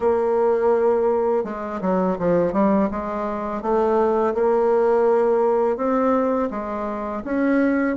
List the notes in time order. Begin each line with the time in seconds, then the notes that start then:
0.00 A#3
1.44 G#3
1.81 F#3
2.18 F3
2.53 G3
2.90 G#3
3.61 A3
4.34 A#3
5.76 C4
6.50 G#3
7.24 C#4